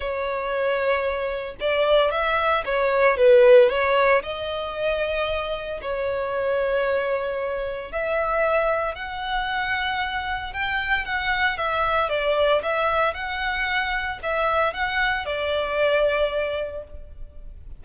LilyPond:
\new Staff \with { instrumentName = "violin" } { \time 4/4 \tempo 4 = 114 cis''2. d''4 | e''4 cis''4 b'4 cis''4 | dis''2. cis''4~ | cis''2. e''4~ |
e''4 fis''2. | g''4 fis''4 e''4 d''4 | e''4 fis''2 e''4 | fis''4 d''2. | }